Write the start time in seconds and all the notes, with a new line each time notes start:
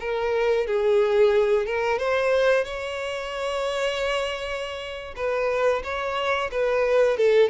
0.00 A#4
0.67 G#4
1.66 A#4
1.99 C5
2.65 C#5
5.16 B4
5.84 C#5
6.51 B4
7.18 A4